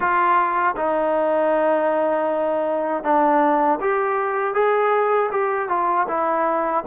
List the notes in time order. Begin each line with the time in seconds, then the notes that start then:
0.00 F4
0.76 D#4
3.03 D4
3.80 G4
4.54 G#4
5.31 G4
5.69 F4
6.08 E4